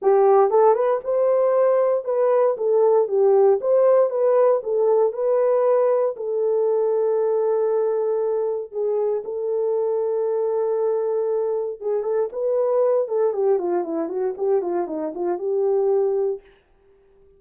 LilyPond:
\new Staff \with { instrumentName = "horn" } { \time 4/4 \tempo 4 = 117 g'4 a'8 b'8 c''2 | b'4 a'4 g'4 c''4 | b'4 a'4 b'2 | a'1~ |
a'4 gis'4 a'2~ | a'2. gis'8 a'8 | b'4. a'8 g'8 f'8 e'8 fis'8 | g'8 f'8 dis'8 f'8 g'2 | }